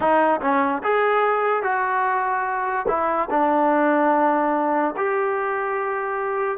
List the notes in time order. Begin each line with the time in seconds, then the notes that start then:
0.00 D#4
0.41 C#4
0.83 G#4
1.63 F#4
2.87 E4
3.30 D4
4.96 G4